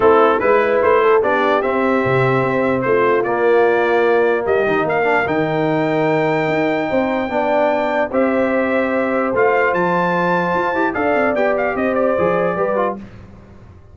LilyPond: <<
  \new Staff \with { instrumentName = "trumpet" } { \time 4/4 \tempo 4 = 148 a'4 b'4 c''4 d''4 | e''2. c''4 | d''2. dis''4 | f''4 g''2.~ |
g''1 | e''2. f''4 | a''2. f''4 | g''8 f''8 dis''8 d''2~ d''8 | }
  \new Staff \with { instrumentName = "horn" } { \time 4/4 e'4 b'4. a'8 g'4~ | g'2. f'4~ | f'2. g'4 | ais'1~ |
ais'4 c''4 d''2 | c''1~ | c''2. d''4~ | d''4 c''2 b'4 | }
  \new Staff \with { instrumentName = "trombone" } { \time 4/4 c'4 e'2 d'4 | c'1 | ais2.~ ais8 dis'8~ | dis'8 d'8 dis'2.~ |
dis'2 d'2 | g'2. f'4~ | f'2~ f'8 g'8 a'4 | g'2 gis'4 g'8 f'8 | }
  \new Staff \with { instrumentName = "tuba" } { \time 4/4 a4 gis4 a4 b4 | c'4 c4 c'4 a4 | ais2. g8 dis8 | ais4 dis2. |
dis'4 c'4 b2 | c'2. a4 | f2 f'8 e'8 d'8 c'8 | b4 c'4 f4 g4 | }
>>